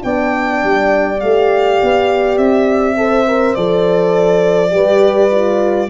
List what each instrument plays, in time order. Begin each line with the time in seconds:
0.00 tuba B3, horn D4 D5, violin G5
0.63 tuba G3
1.20 tuba A3, horn G4, violin F5
1.82 tuba B3
2.37 tuba C4, violin E5
2.97 horn A4 C5
3.27 horn A#4
3.54 tuba F3, horn A4, violin D5
4.70 tuba G3, horn G4 B4
5.31 horn F4